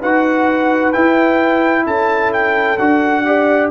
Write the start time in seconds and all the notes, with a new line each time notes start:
0.00 D#4 F#4 B4 F#5
0.93 E4 G5
1.86 C#4 A4 A5
2.33 G5
2.78 D4 F#4 F#5
3.26 G4 D5